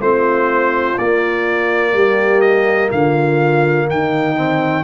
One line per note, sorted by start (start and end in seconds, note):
0.00 0.97 A3
0.00 0.98 C4
0.00 1.94 F4
0.00 0.98 C5
0.98 1.93 A#3
0.98 4.36 A#3
0.98 2.41 D5
1.93 2.90 G3
1.93 2.90 G4
2.41 2.89 D#5
2.92 3.88 D3
2.92 3.88 F4
2.92 3.88 F5
3.88 4.84 D#3
3.88 4.84 D#4
3.88 4.84 G5
4.36 4.84 C4